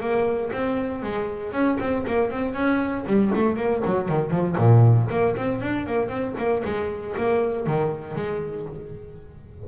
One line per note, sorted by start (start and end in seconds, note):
0.00 0.51 A#3
0.52 1.02 C4
1.02 1.52 G#3
1.52 1.78 C#4
1.80 2.05 C4
2.07 2.30 A#3
2.30 2.54 C4
2.54 3.04 C#4
3.06 3.32 G3
3.34 3.56 A3
3.56 3.82 A#3
3.85 4.08 F#3
4.08 4.30 D#3
4.30 4.56 F3
4.57 5.08 A#2
5.10 5.36 A#3
5.36 5.61 C4
5.61 5.86 D4
5.86 6.09 A#3
6.09 6.34 C4
6.37 6.63 A#3
6.64 7.15 G#3
7.17 7.66 A#3
7.66 8.15 D#3
8.15 8.66 G#3